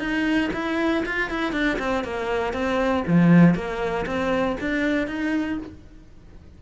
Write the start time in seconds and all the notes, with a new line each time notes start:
0.00 D#4
0.54 E4
1.06 F4
1.30 E4
1.53 D4
1.79 C4
2.04 A#3
2.54 C4
3.08 F3
3.55 A#3
4.07 C4
4.61 D4
5.08 D#4